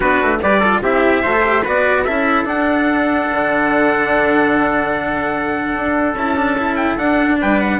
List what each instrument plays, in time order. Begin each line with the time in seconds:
0.00 bassoon B3, cello D4, trumpet F#4 B4
0.22 bassoon A3
0.42 bassoon G3, cello G4, trumpet B4 D5
0.59 cello F4, trumpet A4
0.81 bassoon C4, cello E4, trumpet G4 E5
1.22 bassoon A3, cello F#4, trumpet C5
1.32 cello A4
1.41 cello G4
1.63 bassoon B3, cello F#4, trumpet B4 D5
2.04 bassoon C#4, cello E4, trumpet A4 E5
2.44 bassoon D4, cello D4, trumpet F#5
3.31 bassoon D3
5.75 bassoon D4
6.13 bassoon C#4, cello E4, trumpet A5
6.36 cello D4
6.57 cello E4
6.76 trumpet G5
6.97 bassoon D4, cello D4, trumpet F#5
7.40 bassoon G3, trumpet B4 G5
7.59 trumpet F#5